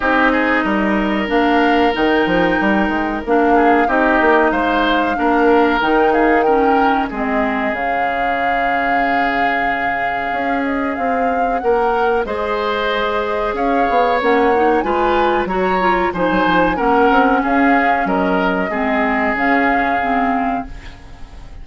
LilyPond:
<<
  \new Staff \with { instrumentName = "flute" } { \time 4/4 \tempo 4 = 93 dis''2 f''4 g''4~ | g''4 f''4 dis''4 f''4~ | f''4 g''8 f''8 g''4 dis''4 | f''1~ |
f''8 dis''8 f''4 fis''4 dis''4~ | dis''4 f''4 fis''4 gis''4 | ais''4 gis''4 fis''4 f''4 | dis''2 f''2 | }
  \new Staff \with { instrumentName = "oboe" } { \time 4/4 g'8 gis'8 ais'2.~ | ais'4. gis'8 g'4 c''4 | ais'4. gis'8 ais'4 gis'4~ | gis'1~ |
gis'2 ais'4 c''4~ | c''4 cis''2 b'4 | cis''4 c''4 ais'4 gis'4 | ais'4 gis'2. | }
  \new Staff \with { instrumentName = "clarinet" } { \time 4/4 dis'2 d'4 dis'4~ | dis'4 d'4 dis'2 | d'4 dis'4 cis'4 c'4 | cis'1~ |
cis'2. gis'4~ | gis'2 cis'8 dis'8 f'4 | fis'8 f'8 dis'4 cis'2~ | cis'4 c'4 cis'4 c'4 | }
  \new Staff \with { instrumentName = "bassoon" } { \time 4/4 c'4 g4 ais4 dis8 f8 | g8 gis8 ais4 c'8 ais8 gis4 | ais4 dis2 gis4 | cis1 |
cis'4 c'4 ais4 gis4~ | gis4 cis'8 b8 ais4 gis4 | fis4 f16 fis16 f8 ais8 c'8 cis'4 | fis4 gis4 cis2 | }
>>